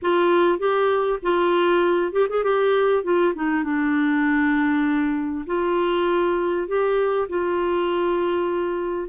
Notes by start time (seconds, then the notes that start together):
0.02 F4
0.58 G4
1.22 F4
2.12 G4
2.29 G#4
2.43 G4
3.03 F4
3.34 D#4
3.63 D4
5.46 F4
6.67 G4
7.28 F4